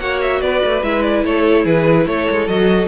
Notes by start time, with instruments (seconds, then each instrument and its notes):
0.00 cello A#3, viola F#4, violin C#5 F#5
0.22 violin E5
0.42 cello B3, violin B4 D5
0.65 cello A3
0.83 cello G#3, viola E4, violin E5
1.02 violin D5
1.25 cello A3, violin A4 C#5
1.65 cello E3, violin G#4 B4
2.07 cello A3, violin A4 C#5
2.31 cello G#3
2.48 cello F#3, viola F#4, violin D#5